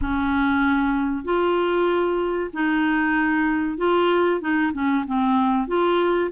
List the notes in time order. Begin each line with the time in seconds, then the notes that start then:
0.01 C#4
1.24 F4
2.53 D#4
3.77 F4
4.40 D#4
4.73 C#4
5.07 C4
5.67 F4